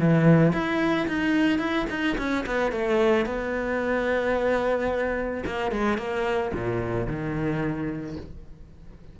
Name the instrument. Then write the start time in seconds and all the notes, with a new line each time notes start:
cello
0.00 E3
0.53 E4
1.08 D#4
1.59 E4
1.90 D#4
2.18 C#4
2.46 B3
2.72 A3
3.26 B3
5.46 A#3
5.72 G#3
5.98 A#3
6.54 A#2
7.07 D#3